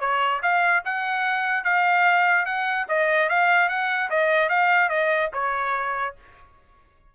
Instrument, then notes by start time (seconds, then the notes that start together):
trumpet
0.00 C#5
0.42 F5
0.85 F#5
1.64 F5
2.46 F#5
2.88 D#5
3.29 F5
3.69 F#5
4.10 D#5
4.49 F5
4.89 D#5
5.34 C#5